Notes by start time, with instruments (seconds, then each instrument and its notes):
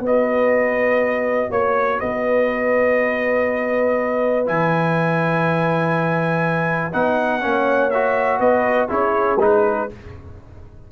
0.00 tuba B3, trombone F#4, horn B4, trumpet D#5
1.50 tuba A#3, horn C#5, trumpet C#5
1.99 tuba B3, horn B4, trumpet D#5
4.46 tuba E3, trombone E4, trumpet G#5
6.93 tuba B3, trombone D#4, trumpet F#5
7.41 tuba A#3, trombone C#4, horn C#5
7.90 trombone F#4, trumpet E5
8.39 tuba B3, horn B4, trumpet D#5
8.88 tuba C#4, trombone E4, horn G#4, trumpet C#5
9.38 tuba G#3, trombone D#4, trumpet B4